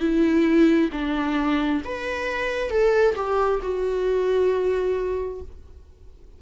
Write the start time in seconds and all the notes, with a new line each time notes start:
0.00 E4
0.92 D4
1.85 B4
2.70 A4
3.15 G4
3.63 F#4